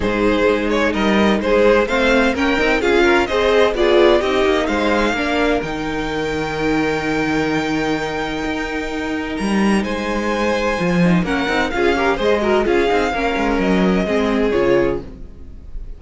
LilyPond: <<
  \new Staff \with { instrumentName = "violin" } { \time 4/4 \tempo 4 = 128 c''4. cis''8 dis''4 c''4 | f''4 g''4 f''4 dis''4 | d''4 dis''4 f''2 | g''1~ |
g''1 | ais''4 gis''2. | fis''4 f''4 dis''4 f''4~ | f''4 dis''2 cis''4 | }
  \new Staff \with { instrumentName = "violin" } { \time 4/4 gis'2 ais'4 gis'4 | c''4 ais'4 gis'8 ais'8 c''4 | gis'4 g'4 c''4 ais'4~ | ais'1~ |
ais'1~ | ais'4 c''2. | ais'4 gis'8 ais'8 c''8 ais'8 gis'4 | ais'2 gis'2 | }
  \new Staff \with { instrumentName = "viola" } { \time 4/4 dis'1 | c'4 cis'8 dis'8 f'4 gis'4 | f'4 dis'2 d'4 | dis'1~ |
dis'1~ | dis'2. f'8 dis'8 | cis'8 dis'8 f'8 g'8 gis'8 fis'8 f'8 dis'8 | cis'2 c'4 f'4 | }
  \new Staff \with { instrumentName = "cello" } { \time 4/4 gis,4 gis4 g4 gis4 | a4 ais8 c'8 cis'4 c'4 | b4 c'8 ais8 gis4 ais4 | dis1~ |
dis2 dis'2 | g4 gis2 f4 | ais8 c'8 cis'4 gis4 cis'8 c'8 | ais8 gis8 fis4 gis4 cis4 | }
>>